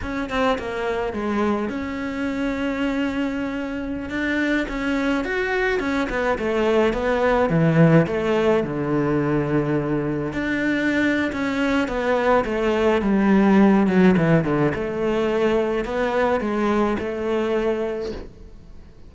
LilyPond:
\new Staff \with { instrumentName = "cello" } { \time 4/4 \tempo 4 = 106 cis'8 c'8 ais4 gis4 cis'4~ | cis'2.~ cis'16 d'8.~ | d'16 cis'4 fis'4 cis'8 b8 a8.~ | a16 b4 e4 a4 d8.~ |
d2~ d16 d'4.~ d'16 | cis'4 b4 a4 g4~ | g8 fis8 e8 d8 a2 | b4 gis4 a2 | }